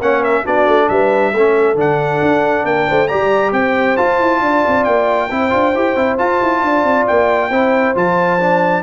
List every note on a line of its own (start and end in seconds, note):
0.00 0.44 A#3
0.00 0.45 C#4
0.00 0.21 C#5
0.00 0.24 F#5
0.21 0.43 A#4
0.21 0.46 E5
0.44 0.67 B3
0.44 1.33 D4
0.44 0.88 F#4
0.44 0.89 D5
0.67 0.89 A3
0.89 1.33 G3
0.89 1.35 B4
0.89 1.77 E5
1.33 1.75 A3
1.33 1.76 C#4
1.33 2.67 A4
1.75 2.20 D3
1.75 3.08 D4
1.75 2.66 F#5
2.22 2.65 D4
2.65 2.87 A#3
2.65 2.88 A#4
2.65 3.08 G5
2.88 3.13 A3
2.88 3.09 C5
3.08 3.52 G3
3.08 3.97 G4
3.08 3.53 D5
3.08 3.52 A#5
3.52 3.96 C4
3.52 4.42 C5
3.52 3.97 G5
3.97 5.29 F4
3.97 4.19 F4
3.97 4.84 A5
4.19 4.41 E4
4.41 4.63 D4
4.41 5.30 D5
4.67 4.87 C4
4.84 5.31 A#3
4.84 6.17 G5
5.30 5.53 C4
5.30 5.50 E4
5.30 6.62 C5
5.50 5.74 D4
5.50 5.72 F4
5.74 5.96 E4
5.74 5.97 G4
5.96 6.18 C4
5.96 6.18 E4
6.18 7.50 F4
6.18 6.41 F4
6.18 7.06 A5
6.42 6.62 E4
6.62 6.84 D4
6.62 7.51 D5
6.84 7.06 C4
7.07 7.50 A#3
7.07 7.95 G5
7.50 7.94 C4
7.50 7.95 E4
7.50 8.83 C5
7.95 8.83 F3
7.95 8.39 F4
7.95 8.83 A5
8.40 8.83 D4